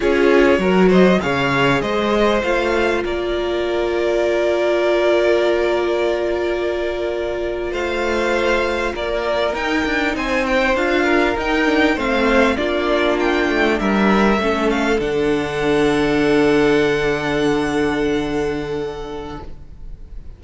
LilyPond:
<<
  \new Staff \with { instrumentName = "violin" } { \time 4/4 \tempo 4 = 99 cis''4. dis''8 f''4 dis''4 | f''4 d''2.~ | d''1~ | d''8. f''2 d''4 g''16~ |
g''8. gis''8 g''8 f''4 g''4 f''16~ | f''8. d''4 g''4 e''4~ e''16~ | e''16 f''8 fis''2.~ fis''16~ | fis''1 | }
  \new Staff \with { instrumentName = "violin" } { \time 4/4 gis'4 ais'8 c''8 cis''4 c''4~ | c''4 ais'2.~ | ais'1~ | ais'8. c''2 ais'4~ ais'16~ |
ais'8. c''4. ais'4. c''16~ | c''8. f'2 ais'4 a'16~ | a'1~ | a'1 | }
  \new Staff \with { instrumentName = "viola" } { \time 4/4 f'4 fis'4 gis'2 | f'1~ | f'1~ | f'2.~ f'8. dis'16~ |
dis'4.~ dis'16 f'4 dis'8 d'8 c'16~ | c'8. d'2. cis'16~ | cis'8. d'2.~ d'16~ | d'1 | }
  \new Staff \with { instrumentName = "cello" } { \time 4/4 cis'4 fis4 cis4 gis4 | a4 ais2.~ | ais1~ | ais8. a2 ais4 dis'16~ |
dis'16 d'8 c'4 d'4 dis'4 a16~ | a8. ais4. a8 g4 a16~ | a8. d2.~ d16~ | d1 | }
>>